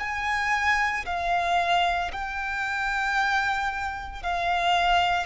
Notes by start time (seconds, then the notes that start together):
0.00 G#5
1.06 F5
2.13 G5
4.23 F5